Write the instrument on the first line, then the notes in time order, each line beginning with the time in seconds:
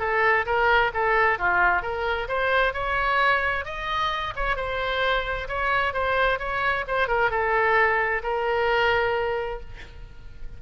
oboe
0.00 A4
0.46 A#4
0.94 A4
1.39 F4
1.83 A#4
2.29 C5
2.74 C#5
3.66 D#5
4.36 C#5
4.56 C5
5.49 C#5
5.94 C5
6.40 C#5
6.88 C5
7.08 A#4
7.31 A4
8.23 A#4